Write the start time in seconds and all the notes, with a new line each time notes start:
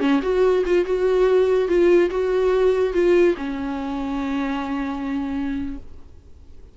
0.00 C#4
0.22 F#4
0.66 F4
0.85 F#4
1.68 F4
2.10 F#4
2.94 F4
3.38 C#4